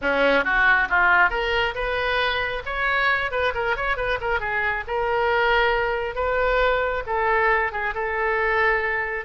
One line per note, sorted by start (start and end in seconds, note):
0.01 0.44 C#4
0.44 0.88 F#4
0.89 1.30 F4
1.30 1.74 A#4
1.74 2.62 B4
2.65 3.31 C#5
3.31 3.53 B4
3.54 3.76 A#4
3.76 3.96 C#5
3.96 4.19 B4
4.20 4.40 A#4
4.40 4.84 G#4
4.87 6.15 A#4
6.15 7.03 B4
7.06 7.71 A4
7.71 7.94 G#4
7.94 9.25 A4